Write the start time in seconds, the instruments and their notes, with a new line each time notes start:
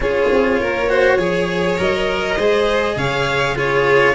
0.00 tuba C#4, cello F4, violin G#4 C#5
0.30 tuba C4
0.59 tuba A#3, violin A#4
0.89 cello F#4, violin C5
1.17 tuba F3, cello G#4, violin C#5
1.77 tuba F#3, cello A#4, violin D#5
2.35 tuba G#3, cello G#4, violin C5
2.96 tuba C#3, violin C#5 F5
3.55 cello F4, violin G#4 C#5